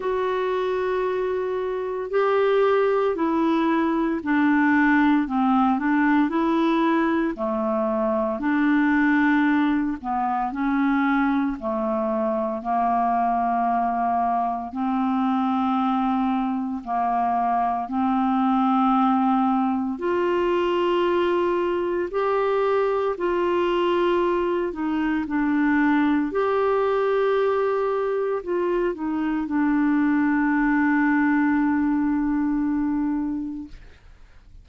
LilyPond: \new Staff \with { instrumentName = "clarinet" } { \time 4/4 \tempo 4 = 57 fis'2 g'4 e'4 | d'4 c'8 d'8 e'4 a4 | d'4. b8 cis'4 a4 | ais2 c'2 |
ais4 c'2 f'4~ | f'4 g'4 f'4. dis'8 | d'4 g'2 f'8 dis'8 | d'1 | }